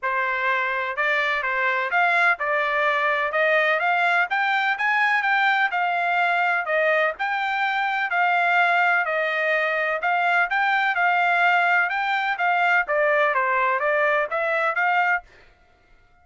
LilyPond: \new Staff \with { instrumentName = "trumpet" } { \time 4/4 \tempo 4 = 126 c''2 d''4 c''4 | f''4 d''2 dis''4 | f''4 g''4 gis''4 g''4 | f''2 dis''4 g''4~ |
g''4 f''2 dis''4~ | dis''4 f''4 g''4 f''4~ | f''4 g''4 f''4 d''4 | c''4 d''4 e''4 f''4 | }